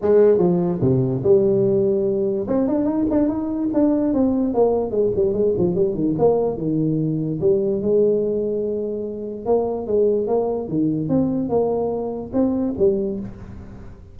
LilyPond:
\new Staff \with { instrumentName = "tuba" } { \time 4/4 \tempo 4 = 146 gis4 f4 c4 g4~ | g2 c'8 d'8 dis'8 d'8 | dis'4 d'4 c'4 ais4 | gis8 g8 gis8 f8 g8 dis8 ais4 |
dis2 g4 gis4~ | gis2. ais4 | gis4 ais4 dis4 c'4 | ais2 c'4 g4 | }